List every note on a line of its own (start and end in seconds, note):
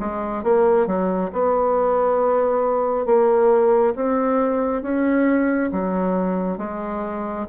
0.00 0.44 G#3
0.44 0.87 A#3
0.87 1.31 F#3
1.33 3.06 B3
3.06 3.94 A#3
3.96 4.82 C4
4.82 5.71 C#4
5.72 6.58 F#3
6.58 7.46 G#3